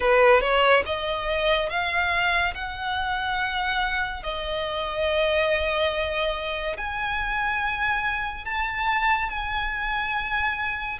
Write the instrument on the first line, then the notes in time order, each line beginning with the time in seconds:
violin
0.00 B4
0.40 C#5
0.85 D#5
1.69 F5
2.54 F#5
4.23 D#5
6.77 G#5
8.45 A5
9.29 G#5